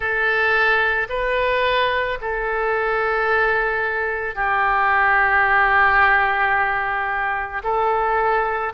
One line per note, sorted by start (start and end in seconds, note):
0.00 1.07 A4
1.09 2.18 B4
2.21 4.35 A4
4.35 7.62 G4
7.63 8.72 A4